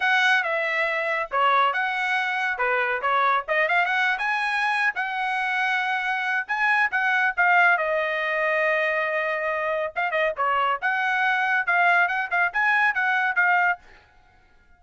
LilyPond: \new Staff \with { instrumentName = "trumpet" } { \time 4/4 \tempo 4 = 139 fis''4 e''2 cis''4 | fis''2 b'4 cis''4 | dis''8 f''8 fis''8. gis''4.~ gis''16 fis''8~ | fis''2. gis''4 |
fis''4 f''4 dis''2~ | dis''2. f''8 dis''8 | cis''4 fis''2 f''4 | fis''8 f''8 gis''4 fis''4 f''4 | }